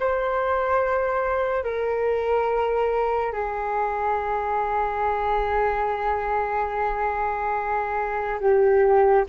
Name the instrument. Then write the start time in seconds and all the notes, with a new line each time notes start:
flute
0.00 C5
1.64 A#4
3.33 G#4
8.40 G4